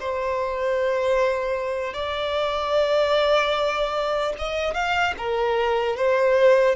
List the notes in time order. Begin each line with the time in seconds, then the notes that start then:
0.00 C5
1.93 D5
4.39 D#5
4.74 F5
5.18 A#4
5.96 C5